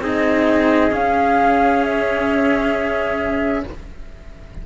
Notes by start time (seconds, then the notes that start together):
0.00 C4 D#4 G#4 D#5
0.91 C#4 F5
1.84 E5